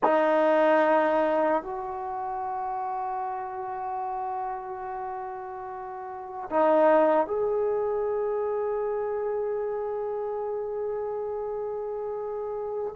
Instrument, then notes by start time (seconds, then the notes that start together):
trombone
0.03 D#4
1.63 F#4
6.49 D#4
7.26 G#4